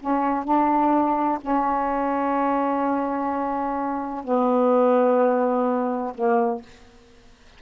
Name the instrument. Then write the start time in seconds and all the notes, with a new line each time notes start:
saxophone
0.00 C#4
0.44 D4
1.41 C#4
4.24 B3
6.14 A#3